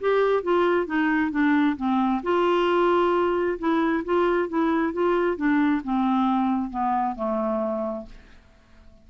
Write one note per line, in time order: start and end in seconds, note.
0.00 0.43 G4
0.43 0.86 F4
0.86 1.31 D#4
1.31 1.76 D4
1.77 2.22 C4
2.23 3.58 F4
3.58 4.04 E4
4.04 4.48 F4
4.48 4.93 E4
4.93 5.36 F4
5.36 5.81 D4
5.84 6.70 C4
6.70 7.15 B3
7.15 8.05 A3